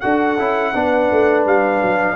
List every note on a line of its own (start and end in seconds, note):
0.00 0.38 D4
0.00 0.37 F#4
0.00 0.73 A4
0.00 1.43 F#5
0.38 0.74 C#4
0.38 0.74 E4
0.74 1.11 B3
0.74 2.16 D4
0.74 2.16 B4
1.11 1.45 A3
1.45 1.81 G3
1.45 2.16 F5
1.82 2.16 F#3